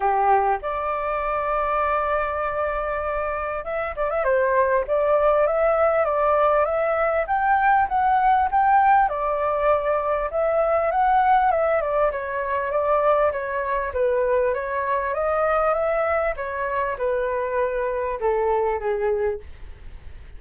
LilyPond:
\new Staff \with { instrumentName = "flute" } { \time 4/4 \tempo 4 = 99 g'4 d''2.~ | d''2 e''8 d''16 e''16 c''4 | d''4 e''4 d''4 e''4 | g''4 fis''4 g''4 d''4~ |
d''4 e''4 fis''4 e''8 d''8 | cis''4 d''4 cis''4 b'4 | cis''4 dis''4 e''4 cis''4 | b'2 a'4 gis'4 | }